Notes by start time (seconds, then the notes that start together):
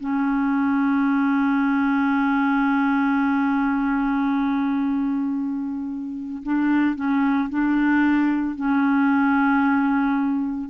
0.00 C#4
6.43 D4
6.95 C#4
7.50 D4
8.55 C#4